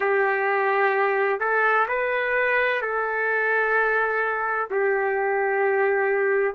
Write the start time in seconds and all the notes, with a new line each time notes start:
0.00 G4
1.40 A4
1.87 B4
2.81 A4
4.70 G4